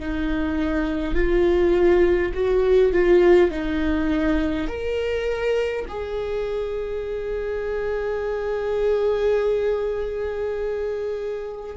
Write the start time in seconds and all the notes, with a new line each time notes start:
0.00 D#4
1.15 F4
2.34 F#4
2.93 F4
3.51 D#4
4.68 A#4
5.88 G#4